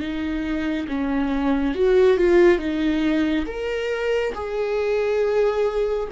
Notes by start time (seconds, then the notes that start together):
0.00 D#4
0.88 C#4
1.75 F#4
2.17 F4
2.58 D#4
3.46 A#4
4.34 G#4